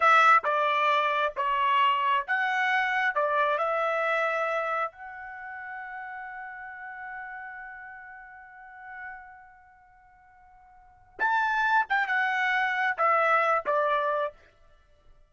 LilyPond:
\new Staff \with { instrumentName = "trumpet" } { \time 4/4 \tempo 4 = 134 e''4 d''2 cis''4~ | cis''4 fis''2 d''4 | e''2. fis''4~ | fis''1~ |
fis''1~ | fis''1~ | fis''4 a''4. g''8 fis''4~ | fis''4 e''4. d''4. | }